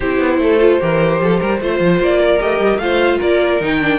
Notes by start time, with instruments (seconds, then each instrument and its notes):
0.00 cello C4, viola E4, violin G4 C5
0.19 cello B3
0.38 cello A3, violin A4
0.59 viola F4
0.79 cello E3, viola G4, violin A#4
1.20 cello F3, violin A4
1.40 cello G3, violin A#4
1.60 cello A3, viola F4, violin C5
1.79 cello F3
1.99 cello A#3, violin D5
2.19 violin A#4
2.39 cello A3, viola G4, violin D#5
2.59 cello G3
2.77 cello A3, viola F4, violin C5 F5
3.18 cello A#3, violin A#4 D5
3.60 cello D#3, viola D#4, violin G5
3.80 viola D4